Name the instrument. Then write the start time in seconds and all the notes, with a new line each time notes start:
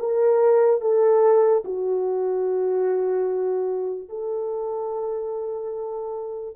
horn
0.00 A#4
0.81 A4
1.65 F#4
4.09 A4